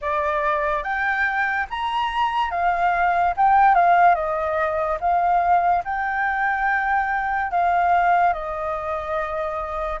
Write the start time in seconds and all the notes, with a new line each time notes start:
0.01 D5
0.83 G5
1.70 A#5
2.50 F5
3.36 G5
3.75 F5
4.14 D#5
5.00 F5
5.84 G5
7.51 F5
8.33 D#5